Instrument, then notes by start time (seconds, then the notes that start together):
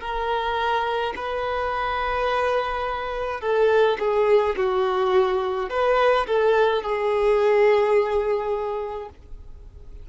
violin
0.00 A#4
1.16 B4
3.41 A4
3.99 G#4
4.56 F#4
5.69 B4
6.26 A4
6.82 G#4